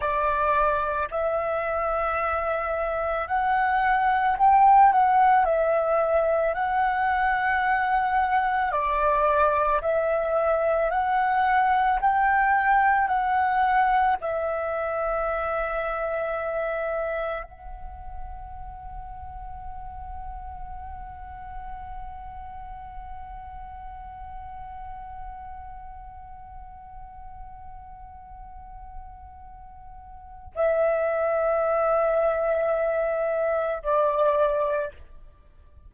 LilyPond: \new Staff \with { instrumentName = "flute" } { \time 4/4 \tempo 4 = 55 d''4 e''2 fis''4 | g''8 fis''8 e''4 fis''2 | d''4 e''4 fis''4 g''4 | fis''4 e''2. |
fis''1~ | fis''1~ | fis''1 | e''2. d''4 | }